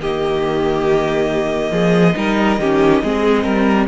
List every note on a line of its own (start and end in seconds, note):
0.00 1.71 D#3
0.00 2.15 A#3
0.00 1.72 G4
0.00 3.88 D#5
1.71 2.14 F3
1.71 2.15 G#4
2.15 2.59 G3
2.15 2.58 D#4
2.15 2.60 A#4
2.59 3.02 D#3
2.59 3.03 C#4
2.59 3.03 G4
3.03 3.45 G#3
3.03 3.88 C4
3.03 3.44 G#4
3.44 3.88 G3
3.44 3.86 A#4